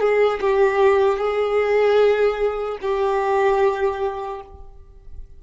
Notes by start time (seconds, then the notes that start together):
0.00 G#4
0.41 G4
1.18 G#4
2.81 G4